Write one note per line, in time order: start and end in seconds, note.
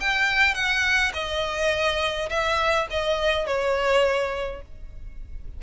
0.00 0.54 G5
0.54 1.12 F#5
1.14 2.29 D#5
2.29 2.87 E5
2.90 3.46 D#5
3.46 4.62 C#5